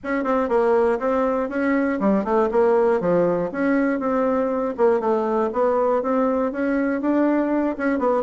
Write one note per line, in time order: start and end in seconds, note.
0.03 0.24 C#4
0.24 0.48 C4
0.48 0.98 A#3
0.99 1.49 C4
1.49 1.99 C#4
2.00 2.24 G3
2.24 2.49 A3
2.51 3.00 A#3
3.00 3.50 F3
3.52 3.99 C#4
3.99 4.74 C4
4.77 5.00 A#3
5.00 5.50 A3
5.52 6.02 B3
6.02 6.52 C4
6.52 7.01 C#4
7.01 7.76 D4
7.77 7.98 C#4
7.98 8.22 B3